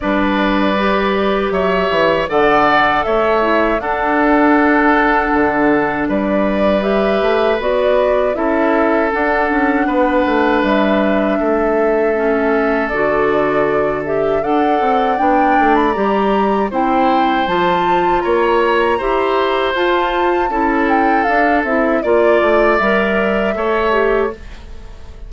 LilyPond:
<<
  \new Staff \with { instrumentName = "flute" } { \time 4/4 \tempo 4 = 79 d''2 e''4 fis''4 | e''4 fis''2. | d''4 e''4 d''4 e''4 | fis''2 e''2~ |
e''4 d''4. e''8 fis''4 | g''8. b''16 ais''4 g''4 a''4 | ais''2 a''4. g''8 | f''8 e''8 d''4 e''2 | }
  \new Staff \with { instrumentName = "oboe" } { \time 4/4 b'2 cis''4 d''4 | cis''4 a'2. | b'2. a'4~ | a'4 b'2 a'4~ |
a'2. d''4~ | d''2 c''2 | cis''4 c''2 a'4~ | a'4 d''2 cis''4 | }
  \new Staff \with { instrumentName = "clarinet" } { \time 4/4 d'4 g'2 a'4~ | a'8 e'8 d'2.~ | d'4 g'4 fis'4 e'4 | d'1 |
cis'4 fis'4. g'8 a'4 | d'4 g'4 e'4 f'4~ | f'4 g'4 f'4 e'4 | d'8 e'8 f'4 ais'4 a'8 g'8 | }
  \new Staff \with { instrumentName = "bassoon" } { \time 4/4 g2 fis8 e8 d4 | a4 d'2 d4 | g4. a8 b4 cis'4 | d'8 cis'8 b8 a8 g4 a4~ |
a4 d2 d'8 c'8 | b8 a8 g4 c'4 f4 | ais4 e'4 f'4 cis'4 | d'8 c'8 ais8 a8 g4 a4 | }
>>